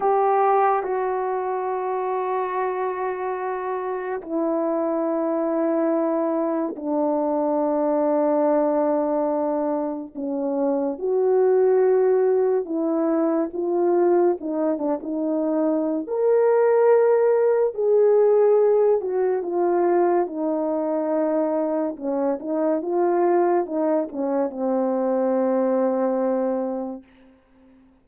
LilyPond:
\new Staff \with { instrumentName = "horn" } { \time 4/4 \tempo 4 = 71 g'4 fis'2.~ | fis'4 e'2. | d'1 | cis'4 fis'2 e'4 |
f'4 dis'8 d'16 dis'4~ dis'16 ais'4~ | ais'4 gis'4. fis'8 f'4 | dis'2 cis'8 dis'8 f'4 | dis'8 cis'8 c'2. | }